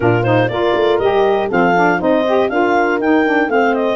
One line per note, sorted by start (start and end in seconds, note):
0.00 0.49 A#2
0.00 0.23 D4
0.00 0.50 F4
0.00 0.23 A#4
0.23 0.50 D#4
0.23 0.48 C5
0.48 0.74 A#3
0.48 1.01 F4
0.48 1.48 A#4
0.48 0.98 D5
0.74 0.99 A3
0.98 1.49 G3
0.98 1.49 G4
0.98 1.48 D#5
1.48 2.01 F3
1.48 1.74 C4
1.48 1.98 A4
1.48 2.01 F5
1.76 1.99 D4
1.99 2.49 C4
1.99 2.24 D#4
1.99 2.49 C5
1.99 2.49 D#5
2.27 2.50 G4
2.49 2.99 D4
2.49 3.00 F4
2.49 3.50 A#4
2.49 2.99 F5
2.99 3.47 D#4
2.99 3.25 D#4
2.99 3.50 G5
3.25 3.48 D4
3.47 3.96 A3
3.47 3.96 C4
3.47 3.96 C5
3.47 3.74 F5
3.74 3.96 D#5